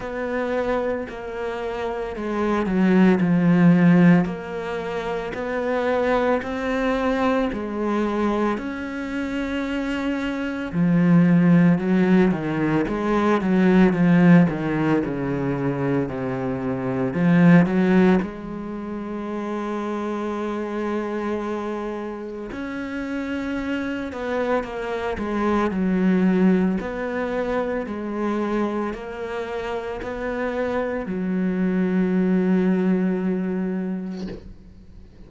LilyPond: \new Staff \with { instrumentName = "cello" } { \time 4/4 \tempo 4 = 56 b4 ais4 gis8 fis8 f4 | ais4 b4 c'4 gis4 | cis'2 f4 fis8 dis8 | gis8 fis8 f8 dis8 cis4 c4 |
f8 fis8 gis2.~ | gis4 cis'4. b8 ais8 gis8 | fis4 b4 gis4 ais4 | b4 fis2. | }